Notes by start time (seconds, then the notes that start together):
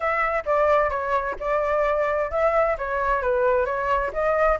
0.00 E5
0.45 D5
0.89 C#5
1.39 D5
2.30 E5
2.78 C#5
3.22 B4
3.65 C#5
4.13 D#5